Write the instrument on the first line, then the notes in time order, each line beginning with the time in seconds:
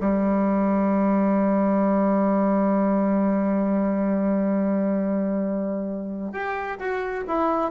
bassoon
0.00 G3
6.32 G4
6.79 F#4
7.27 E4